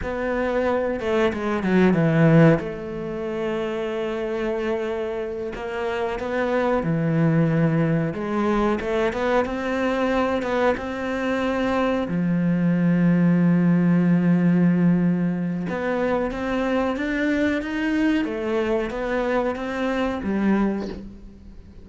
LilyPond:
\new Staff \with { instrumentName = "cello" } { \time 4/4 \tempo 4 = 92 b4. a8 gis8 fis8 e4 | a1~ | a8 ais4 b4 e4.~ | e8 gis4 a8 b8 c'4. |
b8 c'2 f4.~ | f1 | b4 c'4 d'4 dis'4 | a4 b4 c'4 g4 | }